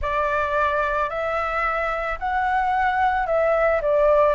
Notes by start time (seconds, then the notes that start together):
0.01 D5
1.09 E5
2.19 F#5
3.26 E5
3.81 D5